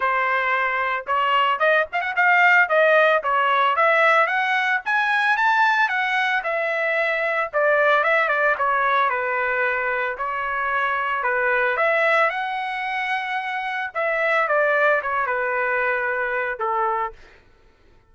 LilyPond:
\new Staff \with { instrumentName = "trumpet" } { \time 4/4 \tempo 4 = 112 c''2 cis''4 dis''8 f''16 fis''16 | f''4 dis''4 cis''4 e''4 | fis''4 gis''4 a''4 fis''4 | e''2 d''4 e''8 d''8 |
cis''4 b'2 cis''4~ | cis''4 b'4 e''4 fis''4~ | fis''2 e''4 d''4 | cis''8 b'2~ b'8 a'4 | }